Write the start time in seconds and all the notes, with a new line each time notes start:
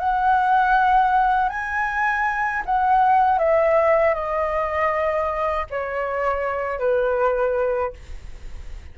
0.00 F#5
1.49 G#5
2.66 F#5
3.39 E5
4.14 D#5
5.71 C#5
6.79 B4